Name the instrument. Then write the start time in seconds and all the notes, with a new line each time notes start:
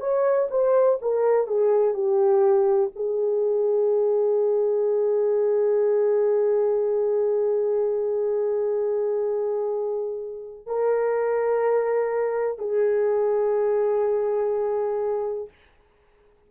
horn
0.00 C#5
0.50 C5
1.02 A#4
1.47 G#4
1.94 G4
2.96 G#4
10.66 A#4
12.58 G#4